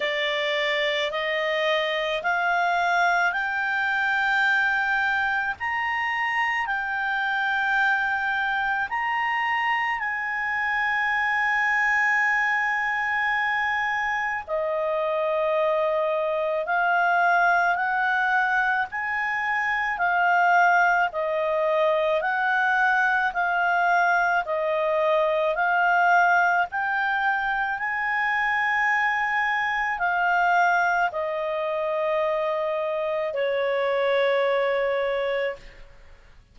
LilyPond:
\new Staff \with { instrumentName = "clarinet" } { \time 4/4 \tempo 4 = 54 d''4 dis''4 f''4 g''4~ | g''4 ais''4 g''2 | ais''4 gis''2.~ | gis''4 dis''2 f''4 |
fis''4 gis''4 f''4 dis''4 | fis''4 f''4 dis''4 f''4 | g''4 gis''2 f''4 | dis''2 cis''2 | }